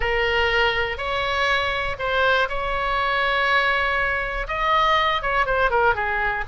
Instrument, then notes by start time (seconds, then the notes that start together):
oboe
0.00 A#4
0.97 C#5
1.99 C5
2.48 C#5
4.47 D#5
5.22 C#5
5.45 C5
5.70 A#4
5.94 G#4